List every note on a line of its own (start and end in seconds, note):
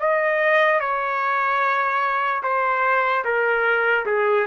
0.00 0.80 D#5
0.80 2.43 C#5
2.43 3.24 C5
3.24 4.05 A#4
4.06 4.46 G#4